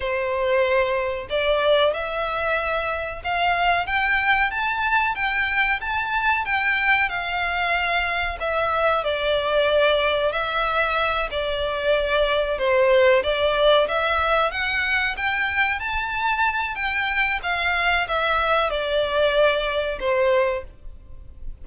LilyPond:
\new Staff \with { instrumentName = "violin" } { \time 4/4 \tempo 4 = 93 c''2 d''4 e''4~ | e''4 f''4 g''4 a''4 | g''4 a''4 g''4 f''4~ | f''4 e''4 d''2 |
e''4. d''2 c''8~ | c''8 d''4 e''4 fis''4 g''8~ | g''8 a''4. g''4 f''4 | e''4 d''2 c''4 | }